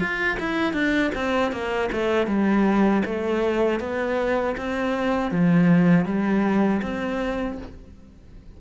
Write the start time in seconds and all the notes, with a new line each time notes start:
0.00 F4
0.40 E4
0.74 D4
1.15 C4
1.52 A#3
1.92 A3
2.28 G3
3.06 A3
3.80 B3
4.57 C4
5.32 F3
6.06 G3
6.83 C4